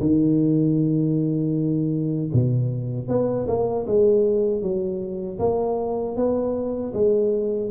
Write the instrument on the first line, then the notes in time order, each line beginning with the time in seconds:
tuba
0.00 D#3
2.33 B2
3.08 B3
3.47 A#3
3.86 G#3
4.62 F#3
5.39 A#3
6.16 B3
6.93 G#3